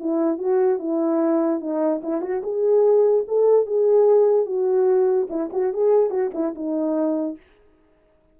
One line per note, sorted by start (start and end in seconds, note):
0.00 0.38 E4
0.38 0.79 F#4
0.79 1.60 E4
1.60 2.02 D#4
2.03 2.22 E4
2.22 2.42 F#4
2.43 3.25 G#4
3.28 3.66 A4
3.66 4.46 G#4
4.46 5.28 F#4
5.30 5.50 E4
5.53 5.73 F#4
5.73 6.10 G#4
6.10 6.31 F#4
6.34 6.55 E4
6.55 7.37 D#4